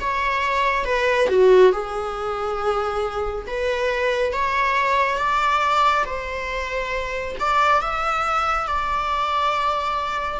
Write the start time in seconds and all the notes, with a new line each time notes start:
0.00 C#5
0.85 B4
1.29 F#4
1.72 G#4
3.47 B4
4.33 C#5
5.18 D5
6.06 C5
7.40 D5
7.81 E5
8.67 D5